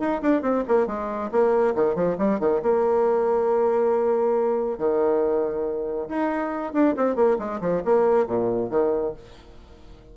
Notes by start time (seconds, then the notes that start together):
0.00 D#4
0.22 D4
0.42 C4
0.68 A#3
0.87 G#3
1.32 A#3
1.75 D#3
1.96 F3
2.18 G3
2.40 D#3
2.63 A#3
4.78 D#3
6.09 D#4
6.74 D4
6.97 C4
7.16 A#3
7.39 G#3
7.61 F3
7.85 A#3
8.27 A#2
8.71 D#3